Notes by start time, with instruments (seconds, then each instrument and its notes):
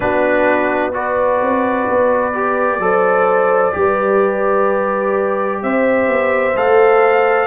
0.00 tuba B3, trombone D4, horn F#4, trumpet B4
0.92 trombone F#4, horn B4, trumpet D5
1.40 tuba C4
1.89 tuba B3
2.34 trombone G4
2.78 tuba F#3, trombone A4, horn C5
3.71 tuba G3, trombone G4, horn B4
5.62 tuba C4, horn C5, trumpet E5
6.07 tuba B3
6.55 tuba A3, trombone A4, trumpet F5